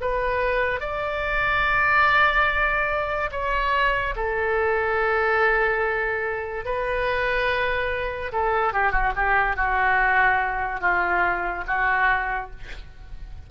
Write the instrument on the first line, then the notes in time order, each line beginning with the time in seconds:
oboe
0.00 B4
0.80 D5
3.31 C#5
4.16 A4
6.65 B4
8.32 A4
8.73 G4
8.92 F#4
9.15 G4
9.56 F#4
10.80 F4
11.67 F#4